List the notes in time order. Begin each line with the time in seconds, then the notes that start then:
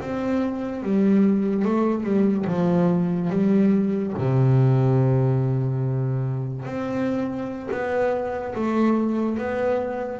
0.00 C4
0.83 G3
1.64 A3
2.03 G3
2.46 F3
3.30 G3
4.17 C3
6.65 C4
7.71 B3
8.54 A3
9.37 B3